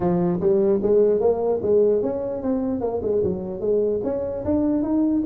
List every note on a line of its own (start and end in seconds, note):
0.00 0.40 F3
0.40 0.80 G3
0.82 1.20 G#3
1.20 1.60 A#3
1.62 2.02 G#3
2.02 2.42 C#4
2.42 2.80 C4
2.80 3.00 A#3
3.02 3.22 G#3
3.23 3.60 F#3
3.60 4.00 G#3
4.03 4.43 C#4
4.44 4.82 D4
4.82 5.22 D#4